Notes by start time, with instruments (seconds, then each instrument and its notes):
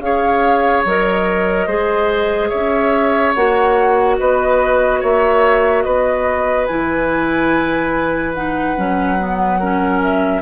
0.00 bassoon C#4, clarinet G#4, oboe C#5, flute F5
0.85 bassoon F#3, clarinet A#4, flute D#5
1.67 bassoon G#3, clarinet G#4, oboe C5
2.49 bassoon C#4, oboe C#5, flute E5
3.34 bassoon A#3, clarinet F#4, flute F#5
4.19 bassoon B3, oboe B4, flute D#5
5.00 bassoon A#3, oboe C#5, flute E5
5.83 bassoon B3, oboe B4, flute D#5
6.66 bassoon E3, clarinet E4, flute G#5
8.35 clarinet D#4, flute F#5
8.77 bassoon F#3, clarinet C#4
9.19 clarinet B3
9.60 clarinet C#4, oboe A#4
10.02 flute E5